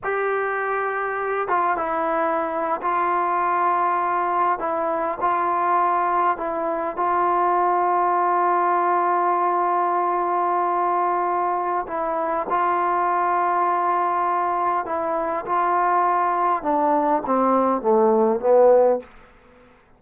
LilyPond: \new Staff \with { instrumentName = "trombone" } { \time 4/4 \tempo 4 = 101 g'2~ g'8 f'8 e'4~ | e'8. f'2. e'16~ | e'8. f'2 e'4 f'16~ | f'1~ |
f'1 | e'4 f'2.~ | f'4 e'4 f'2 | d'4 c'4 a4 b4 | }